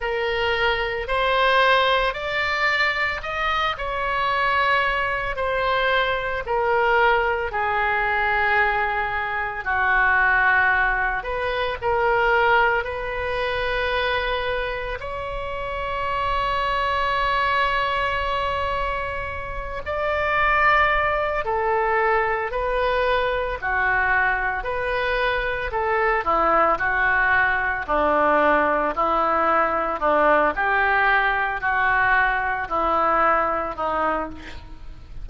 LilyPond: \new Staff \with { instrumentName = "oboe" } { \time 4/4 \tempo 4 = 56 ais'4 c''4 d''4 dis''8 cis''8~ | cis''4 c''4 ais'4 gis'4~ | gis'4 fis'4. b'8 ais'4 | b'2 cis''2~ |
cis''2~ cis''8 d''4. | a'4 b'4 fis'4 b'4 | a'8 e'8 fis'4 d'4 e'4 | d'8 g'4 fis'4 e'4 dis'8 | }